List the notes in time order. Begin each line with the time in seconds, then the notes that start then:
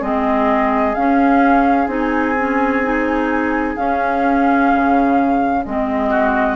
0.00 G#3 C4 G#4 D#5
0.95 C#4 F5
1.88 C4 D#4 G#5
2.39 C#4
2.83 D#4
3.77 C#4 F5
4.74 C#3
5.65 G#3 C4 D#5
6.10 F#4